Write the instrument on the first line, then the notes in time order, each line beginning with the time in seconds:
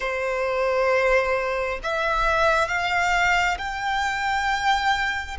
violin
0.00 C5
1.83 E5
2.67 F5
3.58 G5